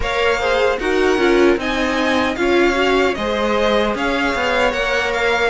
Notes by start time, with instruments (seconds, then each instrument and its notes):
0.00 cello A#3, viola A#4, violin C#5 F5
0.39 viola G#4, violin C5
0.78 cello D#4, viola F#4, violin A#4 F#5
1.17 cello C#4, viola F4
1.57 cello C4, viola D#4, violin D#5 G#5
2.35 cello C#4, viola F4, violin C#5 F5
2.73 viola F#4
3.14 cello G#3, viola G#4, violin C5 D#5
3.95 cello C#4, violin C#5 F5
4.34 cello B3
4.71 cello A#3, viola A#4, violin F#5
5.13 violin F5